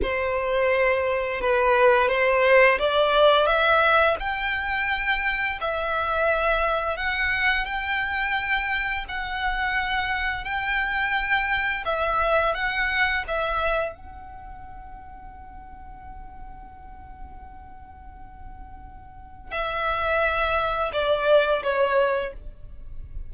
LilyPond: \new Staff \with { instrumentName = "violin" } { \time 4/4 \tempo 4 = 86 c''2 b'4 c''4 | d''4 e''4 g''2 | e''2 fis''4 g''4~ | g''4 fis''2 g''4~ |
g''4 e''4 fis''4 e''4 | fis''1~ | fis''1 | e''2 d''4 cis''4 | }